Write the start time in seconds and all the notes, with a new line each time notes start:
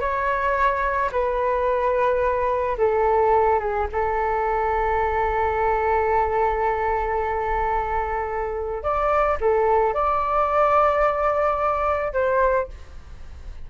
0.00 C#5
1.12 B4
2.78 A4
3.60 G#4
3.92 A4
8.83 D5
9.41 A4
9.94 D5
12.13 C5